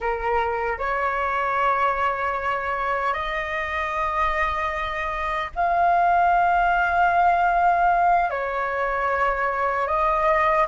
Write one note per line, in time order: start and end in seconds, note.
0.00 0.78 A#4
0.78 3.13 C#5
3.13 5.50 D#5
5.55 8.29 F5
8.29 9.87 C#5
9.87 10.66 D#5